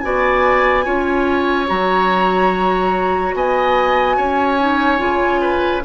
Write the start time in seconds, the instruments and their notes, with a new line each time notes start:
0.00 bassoon B3, clarinet F#4, oboe D5, flute G#5
0.84 bassoon C#4, clarinet F4, oboe C#5
1.66 bassoon F#3, clarinet F#4, flute A#5
3.33 bassoon B3, oboe D#5, flute G#5
4.16 bassoon C#4, oboe C#5
4.59 clarinet D#4
4.97 bassoon C#3, clarinet F4
5.41 oboe B4